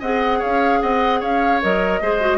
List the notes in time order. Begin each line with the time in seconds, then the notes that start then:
0.00 C4 G#4 D#5 F#5
0.39 C#5 F5
0.45 C#4
0.82 C4 D#5 F#5
1.20 C#4 C#5 F5
1.62 F#3 A#4 D#5
2.01 G#3 G#4 C5
2.21 F#4